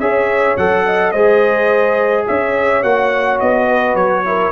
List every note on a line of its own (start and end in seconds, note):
0.00 0.57 C#4
0.00 0.58 G#4
0.00 0.85 C#5
0.00 0.57 E5
0.57 1.13 F#3
0.57 1.15 A4
0.57 1.12 F#5
0.86 1.13 D#5
1.12 2.26 G#3
1.12 2.83 G#4
1.12 2.26 C5
1.12 2.25 D#5
2.27 2.84 C#4
2.27 3.68 C#5
2.27 2.83 E5
2.83 3.40 A#3
2.83 4.25 F#4
2.83 3.40 F#5
3.40 3.95 B3
3.40 3.96 D#5
3.68 4.24 B4
3.95 4.51 F#3
3.95 4.52 C#5
4.25 4.52 E4
4.25 4.52 A#4